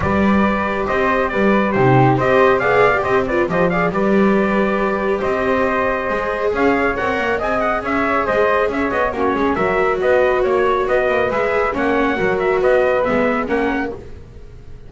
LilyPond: <<
  \new Staff \with { instrumentName = "trumpet" } { \time 4/4 \tempo 4 = 138 d''2 dis''4 d''4 | c''4 dis''4 f''4 dis''8 d''8 | dis''8 f''8 d''2. | dis''2. f''4 |
fis''4 gis''8 fis''8 e''4 dis''4 | e''8 dis''8 cis''4 e''4 dis''4 | cis''4 dis''4 e''4 fis''4~ | fis''8 e''8 dis''4 e''4 fis''4 | }
  \new Staff \with { instrumentName = "flute" } { \time 4/4 b'2 c''4 b'4 | g'4 c''4 d''4 c''8 b'8 | c''8 d''8 b'2. | c''2. cis''4~ |
cis''4 dis''4 cis''4 c''4 | cis''4 fis'8 gis'8 ais'4 b'4 | cis''4 b'2 cis''4 | ais'4 b'2 ais'4 | }
  \new Staff \with { instrumentName = "viola" } { \time 4/4 g'1 | dis'4 g'4 gis'8. g'8. f'8 | g'8 gis'8 g'2.~ | g'2 gis'2 |
ais'4 gis'2.~ | gis'4 cis'4 fis'2~ | fis'2 gis'4 cis'4 | fis'2 b4 cis'4 | }
  \new Staff \with { instrumentName = "double bass" } { \time 4/4 g2 c'4 g4 | c4 c'4 b4 c'4 | f4 g2. | c'2 gis4 cis'4 |
c'8 ais8 c'4 cis'4 gis4 | cis'8 b8 ais8 gis8 fis4 b4 | ais4 b8 ais8 gis4 ais4 | fis4 b4 gis4 ais4 | }
>>